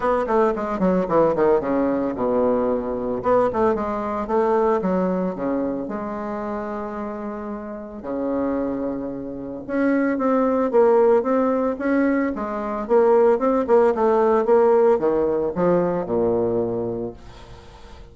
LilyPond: \new Staff \with { instrumentName = "bassoon" } { \time 4/4 \tempo 4 = 112 b8 a8 gis8 fis8 e8 dis8 cis4 | b,2 b8 a8 gis4 | a4 fis4 cis4 gis4~ | gis2. cis4~ |
cis2 cis'4 c'4 | ais4 c'4 cis'4 gis4 | ais4 c'8 ais8 a4 ais4 | dis4 f4 ais,2 | }